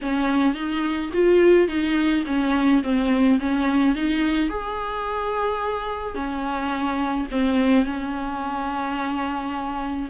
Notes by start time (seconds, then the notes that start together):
0.01 C#4
0.54 D#4
1.13 F4
1.67 D#4
2.26 C#4
2.83 C4
3.39 C#4
3.95 D#4
4.49 G#4
6.14 C#4
7.30 C4
7.85 C#4